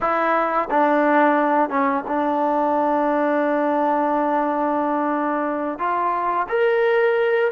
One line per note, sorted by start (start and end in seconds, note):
0.00 0.68 E4
0.70 1.69 D4
1.69 2.03 C#4
2.07 5.78 D4
5.78 6.46 F4
6.48 7.51 A#4